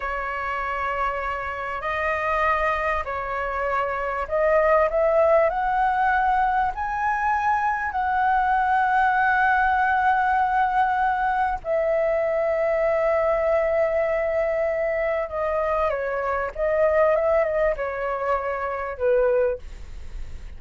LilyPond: \new Staff \with { instrumentName = "flute" } { \time 4/4 \tempo 4 = 98 cis''2. dis''4~ | dis''4 cis''2 dis''4 | e''4 fis''2 gis''4~ | gis''4 fis''2.~ |
fis''2. e''4~ | e''1~ | e''4 dis''4 cis''4 dis''4 | e''8 dis''8 cis''2 b'4 | }